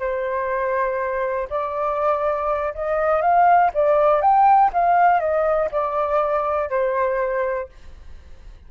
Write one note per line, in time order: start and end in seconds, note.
0.00 1.49 C5
1.50 2.74 D5
2.75 3.22 D#5
3.22 3.71 F5
3.74 4.22 D5
4.22 4.72 G5
4.73 5.20 F5
5.20 5.70 D#5
5.72 6.70 D5
6.70 7.69 C5